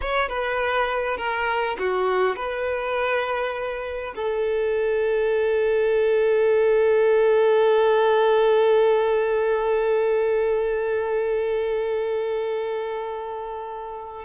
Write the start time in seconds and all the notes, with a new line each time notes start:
0.01 C#5
0.29 B4
1.17 A#4
1.78 F#4
2.35 B4
4.15 A4